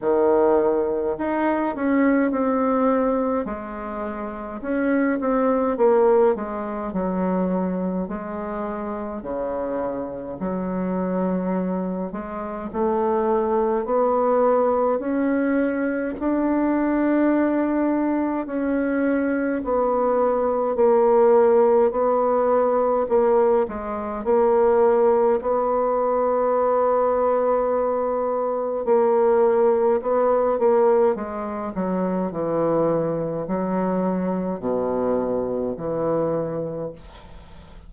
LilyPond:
\new Staff \with { instrumentName = "bassoon" } { \time 4/4 \tempo 4 = 52 dis4 dis'8 cis'8 c'4 gis4 | cis'8 c'8 ais8 gis8 fis4 gis4 | cis4 fis4. gis8 a4 | b4 cis'4 d'2 |
cis'4 b4 ais4 b4 | ais8 gis8 ais4 b2~ | b4 ais4 b8 ais8 gis8 fis8 | e4 fis4 b,4 e4 | }